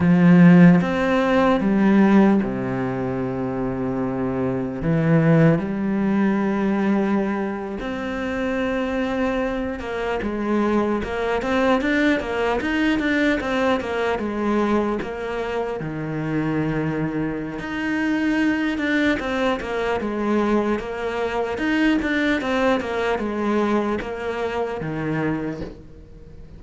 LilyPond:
\new Staff \with { instrumentName = "cello" } { \time 4/4 \tempo 4 = 75 f4 c'4 g4 c4~ | c2 e4 g4~ | g4.~ g16 c'2~ c'16~ | c'16 ais8 gis4 ais8 c'8 d'8 ais8 dis'16~ |
dis'16 d'8 c'8 ais8 gis4 ais4 dis16~ | dis2 dis'4. d'8 | c'8 ais8 gis4 ais4 dis'8 d'8 | c'8 ais8 gis4 ais4 dis4 | }